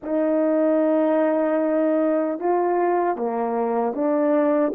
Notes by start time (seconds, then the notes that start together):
0.03 D#4
2.39 F4
3.16 A#3
3.94 D4